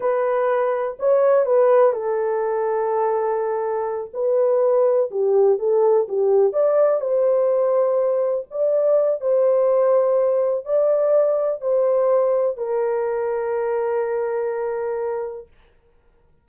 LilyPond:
\new Staff \with { instrumentName = "horn" } { \time 4/4 \tempo 4 = 124 b'2 cis''4 b'4 | a'1~ | a'8 b'2 g'4 a'8~ | a'8 g'4 d''4 c''4.~ |
c''4. d''4. c''4~ | c''2 d''2 | c''2 ais'2~ | ais'1 | }